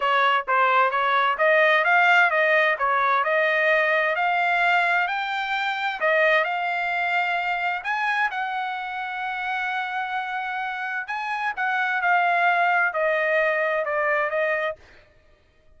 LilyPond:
\new Staff \with { instrumentName = "trumpet" } { \time 4/4 \tempo 4 = 130 cis''4 c''4 cis''4 dis''4 | f''4 dis''4 cis''4 dis''4~ | dis''4 f''2 g''4~ | g''4 dis''4 f''2~ |
f''4 gis''4 fis''2~ | fis''1 | gis''4 fis''4 f''2 | dis''2 d''4 dis''4 | }